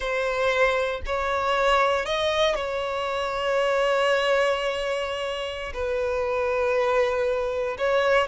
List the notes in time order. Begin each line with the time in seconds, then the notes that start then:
0.00 C5
1.05 C#5
2.05 D#5
2.55 C#5
5.73 B4
7.78 C#5